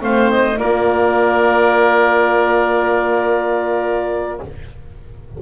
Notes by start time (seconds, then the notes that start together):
0.00 A3 C4 C5 F5
0.31 D#5
0.58 A#3 F4 A#4 D5